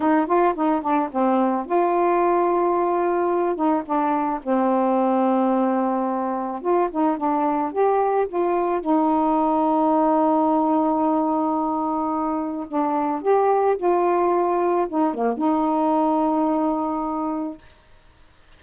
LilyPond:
\new Staff \with { instrumentName = "saxophone" } { \time 4/4 \tempo 4 = 109 dis'8 f'8 dis'8 d'8 c'4 f'4~ | f'2~ f'8 dis'8 d'4 | c'1 | f'8 dis'8 d'4 g'4 f'4 |
dis'1~ | dis'2. d'4 | g'4 f'2 dis'8 ais8 | dis'1 | }